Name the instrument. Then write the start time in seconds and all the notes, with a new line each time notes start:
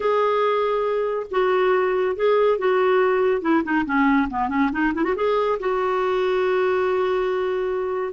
clarinet
0.00 G#4
1.30 F#4
2.16 G#4
2.58 F#4
3.41 E4
3.64 D#4
3.85 C#4
4.30 B3
4.48 C#4
4.71 D#4
4.94 E4
5.04 F#4
5.15 G#4
5.59 F#4